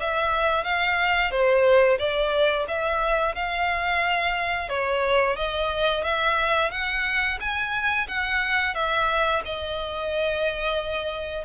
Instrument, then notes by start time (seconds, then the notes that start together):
violin
0.00 E5
0.64 F5
1.31 C5
1.98 D5
2.68 E5
3.35 F5
4.69 C#5
5.36 D#5
6.04 E5
6.71 F#5
7.40 G#5
8.08 F#5
8.75 E5
9.45 D#5